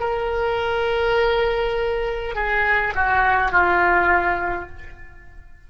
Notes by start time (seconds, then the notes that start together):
0.00 A#4
2.35 G#4
2.95 F#4
3.52 F4